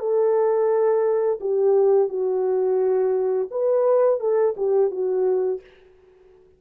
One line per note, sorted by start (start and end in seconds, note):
0.00 1.40 A4
1.41 2.09 G4
2.09 3.49 F#4
3.51 4.20 B4
4.20 4.55 A4
4.57 4.91 G4
4.91 5.61 F#4